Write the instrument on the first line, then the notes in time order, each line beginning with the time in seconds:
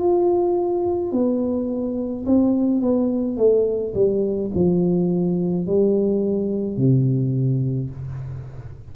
tuba
0.00 F4
1.12 B3
2.26 C4
2.81 B3
3.38 A3
3.95 G3
4.55 F3
5.67 G3
6.78 C3